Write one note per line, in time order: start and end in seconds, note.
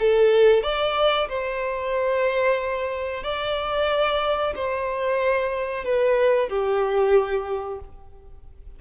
0.00 0.63 A4
0.63 1.29 D5
1.29 3.24 C5
3.24 4.54 D5
4.56 5.85 C5
5.85 6.49 B4
6.49 7.80 G4